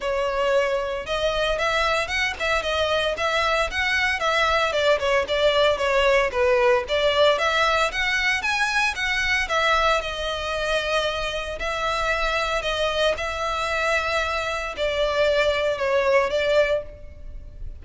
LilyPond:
\new Staff \with { instrumentName = "violin" } { \time 4/4 \tempo 4 = 114 cis''2 dis''4 e''4 | fis''8 e''8 dis''4 e''4 fis''4 | e''4 d''8 cis''8 d''4 cis''4 | b'4 d''4 e''4 fis''4 |
gis''4 fis''4 e''4 dis''4~ | dis''2 e''2 | dis''4 e''2. | d''2 cis''4 d''4 | }